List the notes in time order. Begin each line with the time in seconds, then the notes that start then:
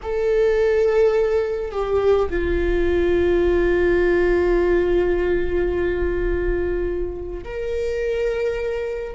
0.02 A4
1.71 G4
2.29 F4
7.44 A#4